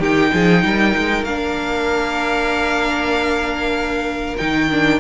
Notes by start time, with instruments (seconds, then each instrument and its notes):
0.00 cello D#3, viola D#4, violin G4 G5
0.33 cello F3, violin G#4
0.65 cello G3, violin A#4
0.97 cello G#3
1.24 cello A#3, viola D4, violin F5
4.38 cello D#3, viola D#4, violin G5
4.71 viola D4